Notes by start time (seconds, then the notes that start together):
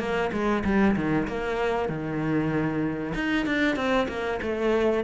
0.00 A#3
0.33 G#3
0.64 G3
0.96 D#3
1.28 A#3
1.89 D#3
3.15 D#4
3.46 D4
3.76 C4
4.09 A#3
4.42 A3